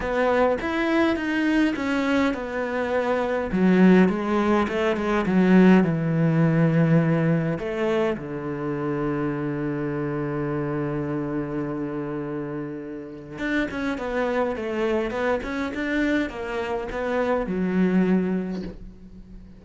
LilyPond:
\new Staff \with { instrumentName = "cello" } { \time 4/4 \tempo 4 = 103 b4 e'4 dis'4 cis'4 | b2 fis4 gis4 | a8 gis8 fis4 e2~ | e4 a4 d2~ |
d1~ | d2. d'8 cis'8 | b4 a4 b8 cis'8 d'4 | ais4 b4 fis2 | }